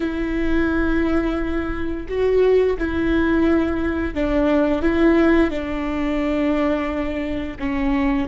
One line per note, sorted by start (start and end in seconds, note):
0.00 2.06 E4
2.08 2.77 F#4
2.78 4.14 E4
4.14 4.82 D4
4.82 5.50 E4
5.50 7.57 D4
7.59 8.28 C#4